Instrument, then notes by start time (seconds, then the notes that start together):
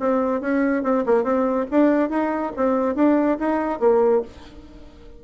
bassoon
0.00 C4
0.41 C#4
0.84 C4
1.07 A#3
1.24 C4
1.71 D4
2.10 D#4
2.57 C4
2.96 D4
3.40 D#4
3.80 A#3